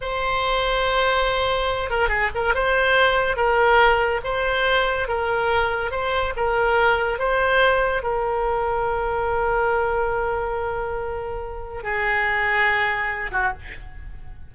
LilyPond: \new Staff \with { instrumentName = "oboe" } { \time 4/4 \tempo 4 = 142 c''1~ | c''8 ais'8 gis'8 ais'8 c''2 | ais'2 c''2 | ais'2 c''4 ais'4~ |
ais'4 c''2 ais'4~ | ais'1~ | ais'1 | gis'2.~ gis'8 fis'8 | }